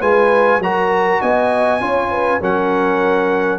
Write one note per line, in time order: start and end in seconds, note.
0.00 0.59 G#3
0.00 0.60 F4
0.00 0.61 B4
0.00 0.61 G#5
0.59 1.19 F#3
0.59 1.80 F#4
0.59 1.21 A#4
0.59 1.22 A#5
1.21 1.81 B3
1.21 1.81 D#5
1.21 2.42 G#5
1.80 2.41 C#4
1.80 2.40 F4
1.80 2.12 C#5
2.12 2.41 B4
2.40 3.58 F#3
2.40 3.58 C#4
2.40 3.58 A#4
2.40 3.58 F#5